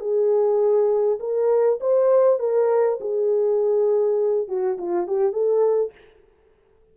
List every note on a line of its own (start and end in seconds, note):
0.00 1.19 G#4
1.20 1.79 A#4
1.80 2.39 C5
2.39 2.99 A#4
3.00 4.48 G#4
4.48 4.78 F#4
4.78 5.07 F4
5.07 5.32 G4
5.32 5.92 A4